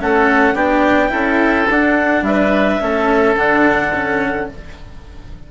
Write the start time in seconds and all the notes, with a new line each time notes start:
0.00 A3 C#4 A4 F#5
0.54 B3 D4 G4 G5
1.09 C#4 E4 A4
1.69 D4 F#5
2.22 G3 B4 E5
2.81 A3 C#4 A4
3.35 D3 D4 F#5
3.93 C#4